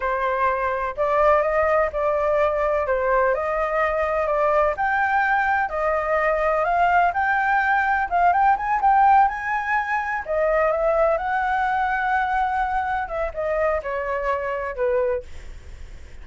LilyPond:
\new Staff \with { instrumentName = "flute" } { \time 4/4 \tempo 4 = 126 c''2 d''4 dis''4 | d''2 c''4 dis''4~ | dis''4 d''4 g''2 | dis''2 f''4 g''4~ |
g''4 f''8 g''8 gis''8 g''4 gis''8~ | gis''4. dis''4 e''4 fis''8~ | fis''2.~ fis''8 e''8 | dis''4 cis''2 b'4 | }